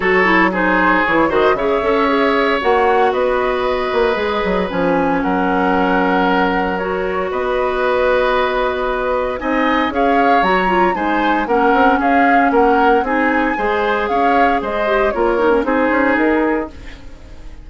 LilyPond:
<<
  \new Staff \with { instrumentName = "flute" } { \time 4/4 \tempo 4 = 115 cis''4 c''4 cis''8 dis''8 e''4~ | e''4 fis''4 dis''2~ | dis''4 gis''4 fis''2~ | fis''4 cis''4 dis''2~ |
dis''2 gis''4 f''4 | ais''4 gis''4 fis''4 f''4 | fis''4 gis''2 f''4 | dis''4 cis''4 c''4 ais'4 | }
  \new Staff \with { instrumentName = "oboe" } { \time 4/4 a'4 gis'4. c''8 cis''4~ | cis''2 b'2~ | b'2 ais'2~ | ais'2 b'2~ |
b'2 dis''4 cis''4~ | cis''4 c''4 ais'4 gis'4 | ais'4 gis'4 c''4 cis''4 | c''4 ais'4 gis'2 | }
  \new Staff \with { instrumentName = "clarinet" } { \time 4/4 fis'8 e'8 dis'4 e'8 fis'8 gis'8 a'8 | gis'4 fis'2. | gis'4 cis'2.~ | cis'4 fis'2.~ |
fis'2 dis'4 gis'4 | fis'8 f'8 dis'4 cis'2~ | cis'4 dis'4 gis'2~ | gis'8 g'8 f'8 dis'16 cis'16 dis'2 | }
  \new Staff \with { instrumentName = "bassoon" } { \time 4/4 fis2 e8 dis8 cis8 cis'8~ | cis'4 ais4 b4. ais8 | gis8 fis8 f4 fis2~ | fis2 b2~ |
b2 c'4 cis'4 | fis4 gis4 ais8 c'8 cis'4 | ais4 c'4 gis4 cis'4 | gis4 ais4 c'8 cis'8 dis'4 | }
>>